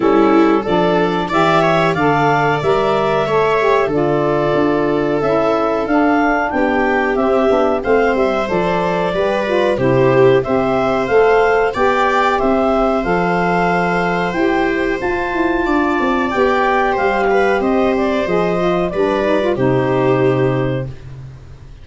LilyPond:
<<
  \new Staff \with { instrumentName = "clarinet" } { \time 4/4 \tempo 4 = 92 a'4 d''4 e''4 f''4 | e''2 d''2 | e''4 f''4 g''4 e''4 | f''8 e''8 d''2 c''4 |
e''4 f''4 g''4 e''4 | f''2 g''4 a''4~ | a''4 g''4 f''4 dis''8 d''8 | dis''4 d''4 c''2 | }
  \new Staff \with { instrumentName = "viola" } { \time 4/4 e'4 a'4 d''8 cis''8 d''4~ | d''4 cis''4 a'2~ | a'2 g'2 | c''2 b'4 g'4 |
c''2 d''4 c''4~ | c''1 | d''2 c''8 b'8 c''4~ | c''4 b'4 g'2 | }
  \new Staff \with { instrumentName = "saxophone" } { \time 4/4 cis'4 d'4 g'4 a'4 | ais'4 a'8 g'8 f'2 | e'4 d'2 c'8 d'8 | c'4 a'4 g'8 f'8 e'4 |
g'4 a'4 g'2 | a'2 g'4 f'4~ | f'4 g'2. | gis'8 f'8 d'8 dis'16 f'16 dis'2 | }
  \new Staff \with { instrumentName = "tuba" } { \time 4/4 g4 f4 e4 d4 | g4 a4 d4 d'4 | cis'4 d'4 b4 c'8 b8 | a8 g8 f4 g4 c4 |
c'4 a4 b4 c'4 | f2 e'4 f'8 e'8 | d'8 c'8 b4 g4 c'4 | f4 g4 c2 | }
>>